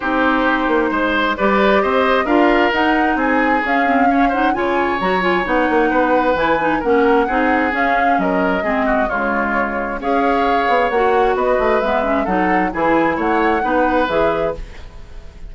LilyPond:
<<
  \new Staff \with { instrumentName = "flute" } { \time 4/4 \tempo 4 = 132 c''2. d''4 | dis''4 f''4 fis''4 gis''4 | f''4. fis''8 gis''4 ais''8 gis''8 | fis''2 gis''4 fis''4~ |
fis''4 f''4 dis''2 | cis''2 f''2 | fis''4 dis''4 e''4 fis''4 | gis''4 fis''2 e''4 | }
  \new Staff \with { instrumentName = "oboe" } { \time 4/4 g'2 c''4 b'4 | c''4 ais'2 gis'4~ | gis'4 cis''8 c''8 cis''2~ | cis''4 b'2 ais'4 |
gis'2 ais'4 gis'8 fis'8 | f'2 cis''2~ | cis''4 b'2 a'4 | gis'4 cis''4 b'2 | }
  \new Staff \with { instrumentName = "clarinet" } { \time 4/4 dis'2. g'4~ | g'4 f'4 dis'2 | cis'8 c'8 cis'8 dis'8 f'4 fis'8 f'8 | dis'2 e'8 dis'8 cis'4 |
dis'4 cis'2 c'4 | gis2 gis'2 | fis'2 b8 cis'8 dis'4 | e'2 dis'4 gis'4 | }
  \new Staff \with { instrumentName = "bassoon" } { \time 4/4 c'4. ais8 gis4 g4 | c'4 d'4 dis'4 c'4 | cis'2 cis4 fis4 | b8 ais8 b4 e4 ais4 |
c'4 cis'4 fis4 gis4 | cis2 cis'4. b8 | ais4 b8 a8 gis4 fis4 | e4 a4 b4 e4 | }
>>